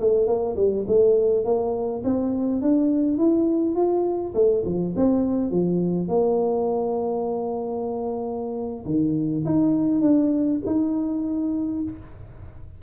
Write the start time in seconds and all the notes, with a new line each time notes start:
0.00 A3
0.27 A#3
0.56 G3
0.87 A3
1.45 A#3
2.04 C4
2.62 D4
3.18 E4
3.75 F4
4.35 A3
4.65 F3
4.96 C4
5.51 F3
6.08 A#3
8.86 D#3
9.45 D#4
10.01 D4
10.66 D#4